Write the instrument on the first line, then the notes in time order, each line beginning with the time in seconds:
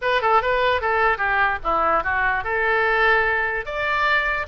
oboe
0.01 B4
0.21 A4
0.42 B4
0.81 A4
1.17 G4
1.63 E4
2.03 F#4
2.44 A4
3.65 D5